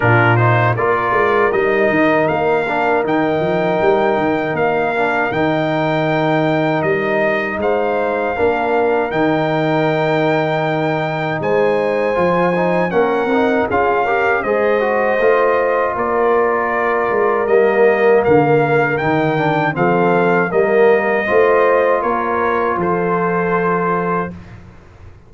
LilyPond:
<<
  \new Staff \with { instrumentName = "trumpet" } { \time 4/4 \tempo 4 = 79 ais'8 c''8 d''4 dis''4 f''4 | g''2 f''4 g''4~ | g''4 dis''4 f''2 | g''2. gis''4~ |
gis''4 fis''4 f''4 dis''4~ | dis''4 d''2 dis''4 | f''4 g''4 f''4 dis''4~ | dis''4 cis''4 c''2 | }
  \new Staff \with { instrumentName = "horn" } { \time 4/4 f'4 ais'2.~ | ais'1~ | ais'2 c''4 ais'4~ | ais'2. c''4~ |
c''4 ais'4 gis'8 ais'8 c''4~ | c''4 ais'2.~ | ais'2 a'4 ais'4 | c''4 ais'4 a'2 | }
  \new Staff \with { instrumentName = "trombone" } { \time 4/4 d'8 dis'8 f'4 dis'4. d'8 | dis'2~ dis'8 d'8 dis'4~ | dis'2. d'4 | dis'1 |
f'8 dis'8 cis'8 dis'8 f'8 g'8 gis'8 fis'8 | f'2. ais4~ | ais4 dis'8 d'8 c'4 ais4 | f'1 | }
  \new Staff \with { instrumentName = "tuba" } { \time 4/4 ais,4 ais8 gis8 g8 dis8 ais4 | dis8 f8 g8 dis8 ais4 dis4~ | dis4 g4 gis4 ais4 | dis2. gis4 |
f4 ais8 c'8 cis'4 gis4 | a4 ais4. gis8 g4 | d4 dis4 f4 g4 | a4 ais4 f2 | }
>>